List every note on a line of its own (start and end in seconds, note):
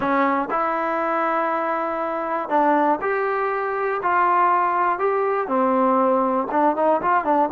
0.00 0.48 C#4
0.50 2.49 E4
2.49 2.99 D4
3.01 4.01 G4
4.02 4.99 F4
4.99 5.47 G4
5.47 6.47 C4
6.51 6.76 D4
6.76 7.01 D#4
7.01 7.24 F4
7.24 7.49 D4